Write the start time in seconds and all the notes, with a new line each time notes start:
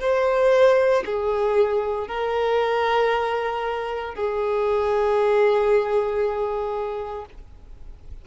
0.00 C5
1.05 G#4
2.07 A#4
4.15 G#4